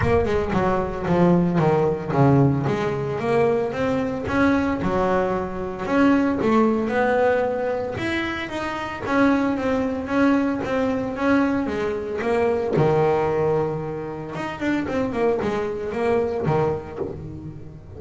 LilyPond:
\new Staff \with { instrumentName = "double bass" } { \time 4/4 \tempo 4 = 113 ais8 gis8 fis4 f4 dis4 | cis4 gis4 ais4 c'4 | cis'4 fis2 cis'4 | a4 b2 e'4 |
dis'4 cis'4 c'4 cis'4 | c'4 cis'4 gis4 ais4 | dis2. dis'8 d'8 | c'8 ais8 gis4 ais4 dis4 | }